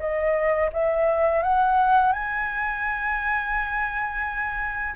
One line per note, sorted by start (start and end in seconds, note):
0.00 0.71 D#5
0.73 1.43 E5
1.43 2.13 F#5
2.13 4.95 G#5